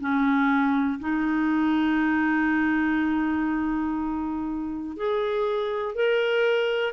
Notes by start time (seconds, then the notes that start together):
0.00 C#4
1.00 D#4
4.97 G#4
5.95 A#4